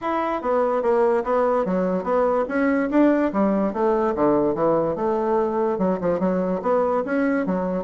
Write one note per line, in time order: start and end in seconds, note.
0.01 0.41 E4
0.41 0.82 B3
0.82 1.23 A#3
1.24 1.65 B3
1.65 2.03 F#3
2.03 2.45 B3
2.48 2.89 C#4
2.90 3.31 D4
3.33 3.73 G3
3.73 4.14 A3
4.15 4.55 D3
4.55 4.95 E3
4.95 5.78 A3
5.78 5.99 F#3
6.00 6.19 F3
6.19 6.61 F#3
6.62 7.03 B3
7.05 7.45 C#4
7.45 7.83 F#3